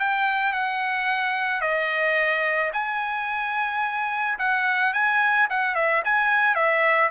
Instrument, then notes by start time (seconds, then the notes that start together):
trumpet
0.00 G5
0.53 F#5
1.61 D#5
2.74 G#5
4.39 F#5
4.94 G#5
5.50 F#5
5.75 E5
6.05 G#5
6.56 E5